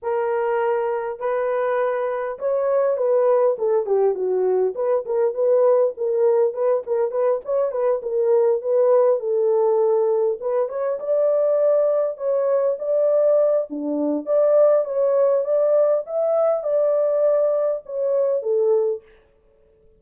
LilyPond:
\new Staff \with { instrumentName = "horn" } { \time 4/4 \tempo 4 = 101 ais'2 b'2 | cis''4 b'4 a'8 g'8 fis'4 | b'8 ais'8 b'4 ais'4 b'8 ais'8 | b'8 cis''8 b'8 ais'4 b'4 a'8~ |
a'4. b'8 cis''8 d''4.~ | d''8 cis''4 d''4. d'4 | d''4 cis''4 d''4 e''4 | d''2 cis''4 a'4 | }